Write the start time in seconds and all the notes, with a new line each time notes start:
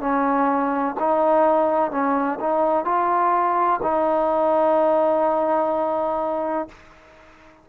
0.00 C#4
1.00 D#4
1.91 C#4
2.40 D#4
2.84 F4
3.82 D#4